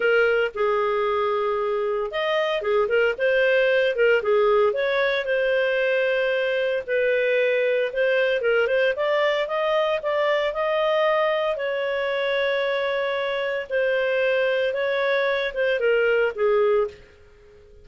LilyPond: \new Staff \with { instrumentName = "clarinet" } { \time 4/4 \tempo 4 = 114 ais'4 gis'2. | dis''4 gis'8 ais'8 c''4. ais'8 | gis'4 cis''4 c''2~ | c''4 b'2 c''4 |
ais'8 c''8 d''4 dis''4 d''4 | dis''2 cis''2~ | cis''2 c''2 | cis''4. c''8 ais'4 gis'4 | }